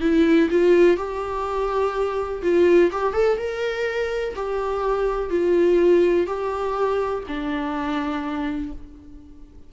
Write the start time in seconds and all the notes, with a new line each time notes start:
0.00 E4
0.50 F4
0.97 G4
2.42 F4
2.91 G4
3.13 A4
3.37 A#4
4.35 G4
5.30 F4
6.26 G4
7.27 D4